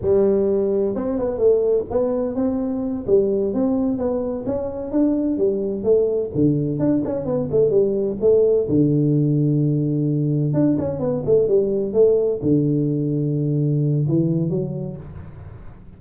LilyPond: \new Staff \with { instrumentName = "tuba" } { \time 4/4 \tempo 4 = 128 g2 c'8 b8 a4 | b4 c'4. g4 c'8~ | c'8 b4 cis'4 d'4 g8~ | g8 a4 d4 d'8 cis'8 b8 |
a8 g4 a4 d4.~ | d2~ d8 d'8 cis'8 b8 | a8 g4 a4 d4.~ | d2 e4 fis4 | }